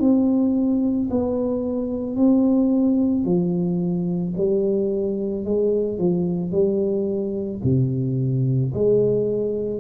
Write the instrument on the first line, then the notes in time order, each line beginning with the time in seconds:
tuba
0.00 C4
1.11 B3
2.16 C4
3.25 F3
4.37 G3
5.44 G#3
5.99 F3
6.52 G3
7.64 C3
8.74 G#3